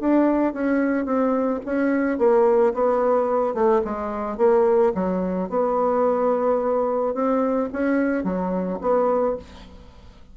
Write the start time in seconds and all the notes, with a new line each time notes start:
0.00 D4
0.53 C#4
1.05 C4
1.66 C#4
2.18 A#3
2.74 B3
3.54 A3
3.85 G#3
4.38 A#3
4.95 F#3
5.49 B3
7.14 C4
7.73 C#4
8.24 F#3
8.81 B3